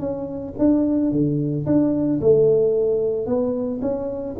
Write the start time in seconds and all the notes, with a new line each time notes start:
0.00 C#4
0.59 D4
1.12 D3
1.66 D4
2.21 A3
3.27 B3
3.82 C#4